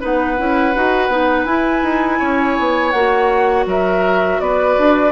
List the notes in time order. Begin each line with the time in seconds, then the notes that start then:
0.00 B3 D#4 B4 F#5
0.37 C#4 E4
0.75 D#4 F#4
1.09 B3 D#4
1.45 E4 G#5
1.83 D#4
2.19 C#4 C#5
2.59 B3
2.91 A#3 F#4 F#5
3.66 F#3 A#4 E5
4.40 B3 B4 D5
4.78 D4